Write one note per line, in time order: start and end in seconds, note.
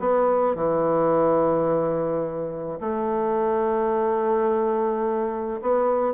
0.00 0.56 B3
0.56 2.80 E3
2.81 5.61 A3
5.62 6.14 B3